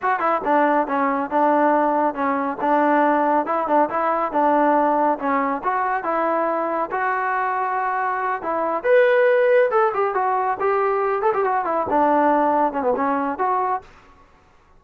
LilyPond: \new Staff \with { instrumentName = "trombone" } { \time 4/4 \tempo 4 = 139 fis'8 e'8 d'4 cis'4 d'4~ | d'4 cis'4 d'2 | e'8 d'8 e'4 d'2 | cis'4 fis'4 e'2 |
fis'2.~ fis'8 e'8~ | e'8 b'2 a'8 g'8 fis'8~ | fis'8 g'4. a'16 g'16 fis'8 e'8 d'8~ | d'4. cis'16 b16 cis'4 fis'4 | }